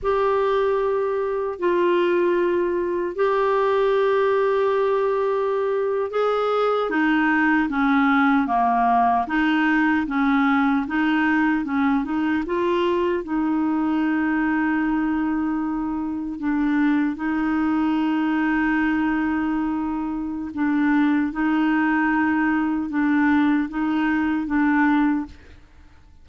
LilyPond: \new Staff \with { instrumentName = "clarinet" } { \time 4/4 \tempo 4 = 76 g'2 f'2 | g'2.~ g'8. gis'16~ | gis'8. dis'4 cis'4 ais4 dis'16~ | dis'8. cis'4 dis'4 cis'8 dis'8 f'16~ |
f'8. dis'2.~ dis'16~ | dis'8. d'4 dis'2~ dis'16~ | dis'2 d'4 dis'4~ | dis'4 d'4 dis'4 d'4 | }